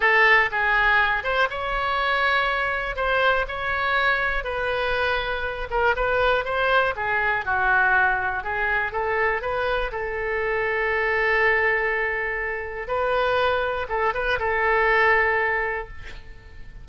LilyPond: \new Staff \with { instrumentName = "oboe" } { \time 4/4 \tempo 4 = 121 a'4 gis'4. c''8 cis''4~ | cis''2 c''4 cis''4~ | cis''4 b'2~ b'8 ais'8 | b'4 c''4 gis'4 fis'4~ |
fis'4 gis'4 a'4 b'4 | a'1~ | a'2 b'2 | a'8 b'8 a'2. | }